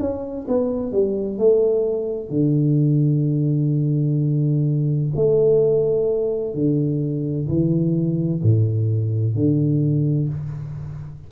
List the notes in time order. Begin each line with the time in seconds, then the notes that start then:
0.00 C#4
0.48 B3
0.92 G3
1.38 A3
2.29 D3
5.16 A3
6.54 D3
7.48 E3
8.43 A2
9.35 D3